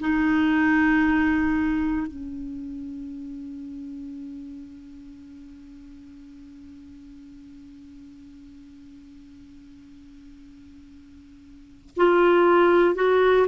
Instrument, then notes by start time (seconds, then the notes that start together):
clarinet
0.00 D#4
2.07 C#4
11.97 F4
12.95 F#4